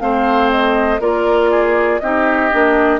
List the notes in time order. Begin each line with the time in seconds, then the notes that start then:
0.00 A3 C4 C5 F5
0.51 D#5
1.00 A#3 F4 A#4 D5
1.51 G#4
2.00 C4 D#4 G4 D#5
2.51 A#3 D4